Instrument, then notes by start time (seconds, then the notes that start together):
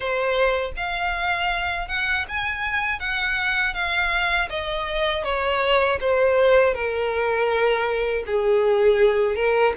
violin
0.00 C5
0.76 F5
1.88 F#5
2.28 G#5
2.99 F#5
3.74 F5
4.49 D#5
5.24 C#5
6.00 C5
6.74 A#4
8.26 G#4
9.35 A#4